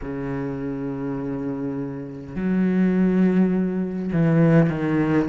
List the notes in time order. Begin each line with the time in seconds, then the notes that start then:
0.01 C#3
2.35 F#3
4.12 E3
4.70 D#3